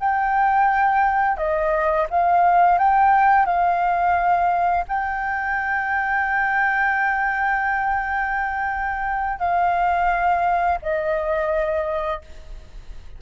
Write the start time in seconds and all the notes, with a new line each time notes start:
0.00 G5
1.37 D#5
2.10 F5
2.78 G5
3.45 F5
4.88 G5
9.39 F5
10.82 D#5